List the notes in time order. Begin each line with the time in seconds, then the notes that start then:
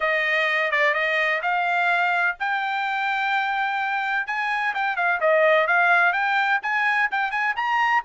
0.00 D#5
0.71 D5
0.93 D#5
1.42 F5
2.39 G5
4.26 G#5
4.74 G5
4.96 F5
5.20 D#5
5.67 F5
6.12 G5
6.62 G#5
7.11 G5
7.31 G#5
7.56 A#5